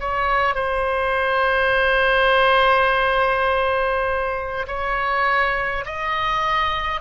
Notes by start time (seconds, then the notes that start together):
0.00 C#5
0.55 C5
4.67 C#5
5.86 D#5